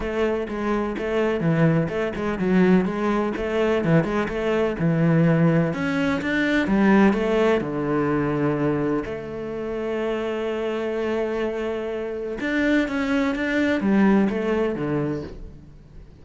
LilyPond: \new Staff \with { instrumentName = "cello" } { \time 4/4 \tempo 4 = 126 a4 gis4 a4 e4 | a8 gis8 fis4 gis4 a4 | e8 gis8 a4 e2 | cis'4 d'4 g4 a4 |
d2. a4~ | a1~ | a2 d'4 cis'4 | d'4 g4 a4 d4 | }